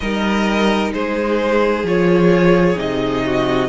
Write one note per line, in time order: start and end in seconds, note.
0.00 0.93 G3
0.00 1.86 D#4
0.00 0.93 A#4
0.00 0.91 D#5
0.93 1.83 G#3
0.93 3.24 G#4
0.93 1.85 C5
1.83 2.76 F3
1.83 2.76 F4
1.83 2.78 C#5
2.76 3.68 C3
2.76 3.68 D#4
2.76 3.68 D#5
3.25 3.68 F#4